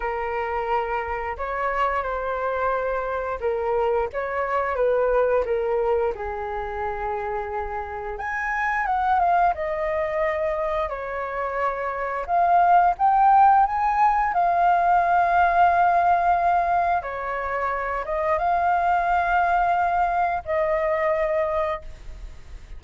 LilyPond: \new Staff \with { instrumentName = "flute" } { \time 4/4 \tempo 4 = 88 ais'2 cis''4 c''4~ | c''4 ais'4 cis''4 b'4 | ais'4 gis'2. | gis''4 fis''8 f''8 dis''2 |
cis''2 f''4 g''4 | gis''4 f''2.~ | f''4 cis''4. dis''8 f''4~ | f''2 dis''2 | }